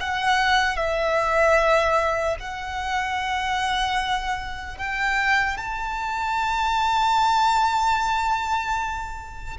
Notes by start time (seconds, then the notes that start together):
0.00 F#5
0.76 E5
2.40 F#5
4.77 G5
5.57 A5